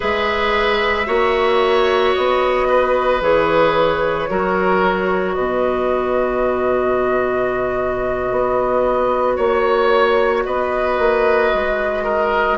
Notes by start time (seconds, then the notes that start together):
0.00 G#3 G#4 B4 E5
1.06 A#3 F#4 C#5
2.14 B3 D#5
2.68 B4
3.21 E3 G#4 C#5
4.29 F#3 F#4 A#4
5.33 B2 B4 D#5
8.31 B3
9.36 A#3 C#5
10.45 B3 B4 D#5
10.98 A#3
11.54 G#3
12.04 A#4